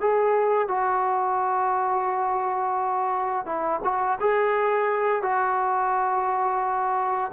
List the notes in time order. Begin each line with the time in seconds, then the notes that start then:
0.00 G#4
0.68 F#4
3.45 E4
3.83 F#4
4.20 G#4
5.22 F#4